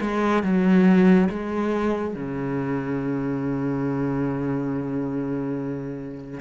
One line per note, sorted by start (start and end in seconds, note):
0.00 0.42 G#3
0.42 1.28 F#3
1.29 2.14 G#3
2.14 6.40 C#3